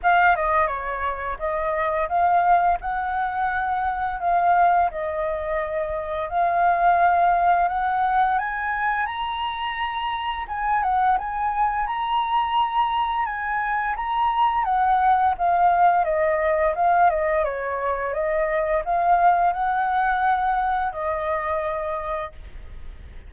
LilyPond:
\new Staff \with { instrumentName = "flute" } { \time 4/4 \tempo 4 = 86 f''8 dis''8 cis''4 dis''4 f''4 | fis''2 f''4 dis''4~ | dis''4 f''2 fis''4 | gis''4 ais''2 gis''8 fis''8 |
gis''4 ais''2 gis''4 | ais''4 fis''4 f''4 dis''4 | f''8 dis''8 cis''4 dis''4 f''4 | fis''2 dis''2 | }